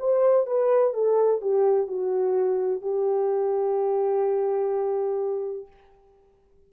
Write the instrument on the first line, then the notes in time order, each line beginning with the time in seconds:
horn
0.00 C5
0.47 B4
0.94 A4
1.42 G4
1.87 F#4
2.82 G4